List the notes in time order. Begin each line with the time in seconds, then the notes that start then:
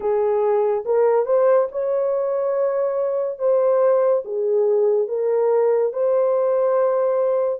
0.00 G#4
0.85 A#4
1.25 C5
1.71 C#5
3.38 C5
4.24 G#4
5.08 A#4
5.92 C5